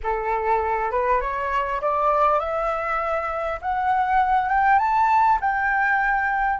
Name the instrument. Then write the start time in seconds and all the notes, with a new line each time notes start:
flute
0.03 A4
0.91 B4
1.20 C#5
1.81 D5
2.39 E5
3.61 F#5
4.48 G5
4.78 A5
5.41 G5